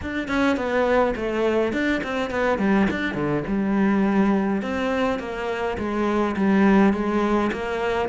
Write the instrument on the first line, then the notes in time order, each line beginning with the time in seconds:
cello
0.02 D4
0.28 C#4
0.56 B3
1.16 A3
1.72 D4
2.03 C4
2.30 B3
2.58 G3
2.90 D4
3.14 D3
3.47 G3
4.62 C4
5.19 A#3
5.77 G#3
6.36 G3
6.93 G#3
7.52 A#3